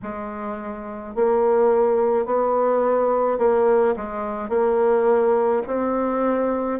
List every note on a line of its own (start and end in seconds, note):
0.02 1.15 G#3
1.15 2.25 A#3
2.25 3.38 B3
3.38 3.95 A#3
3.96 4.49 G#3
4.49 5.62 A#3
5.66 6.79 C4